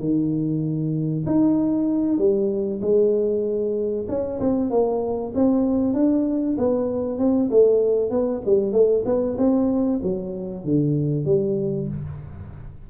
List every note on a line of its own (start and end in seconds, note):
0.00 1.25 D#3
1.26 2.18 D#4
2.18 2.81 G3
2.82 4.07 G#3
4.09 4.40 C#4
4.40 4.70 C4
4.70 5.33 A#3
5.35 5.94 C4
5.94 6.57 D4
6.58 7.19 B3
7.19 7.50 C4
7.51 8.11 A3
8.11 8.42 B3
8.46 8.72 G3
8.72 9.04 A3
9.06 9.37 B3
9.38 10.00 C4
10.03 10.65 F#3
10.65 11.25 D3
11.25 11.88 G3